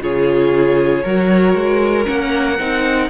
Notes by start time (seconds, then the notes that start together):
0.00 C#3 F4 G#4 C#5
1.03 F#3 F#4 A#4
1.54 G#3
2.05 A#3 C#4 F#5
2.59 C4 D#4